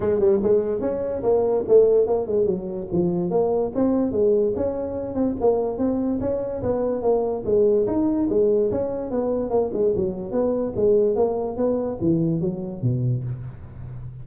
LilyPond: \new Staff \with { instrumentName = "tuba" } { \time 4/4 \tempo 4 = 145 gis8 g8 gis4 cis'4 ais4 | a4 ais8 gis8 fis4 f4 | ais4 c'4 gis4 cis'4~ | cis'8 c'8 ais4 c'4 cis'4 |
b4 ais4 gis4 dis'4 | gis4 cis'4 b4 ais8 gis8 | fis4 b4 gis4 ais4 | b4 e4 fis4 b,4 | }